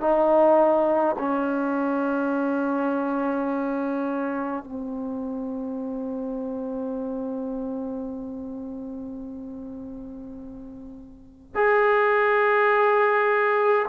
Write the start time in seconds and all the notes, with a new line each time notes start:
0.00 D#4
1.18 C#4
4.64 C4
11.55 G#4